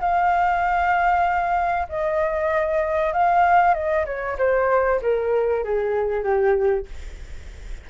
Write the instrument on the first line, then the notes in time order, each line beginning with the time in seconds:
flute
0.00 F5
1.89 D#5
3.13 F5
3.74 D#5
4.06 C#5
4.38 C5
5.02 A#4
5.64 G#4
6.23 G4